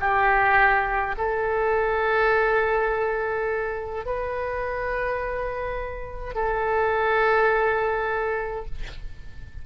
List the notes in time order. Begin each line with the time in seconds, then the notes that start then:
0.00 G4
1.17 A4
4.05 B4
6.35 A4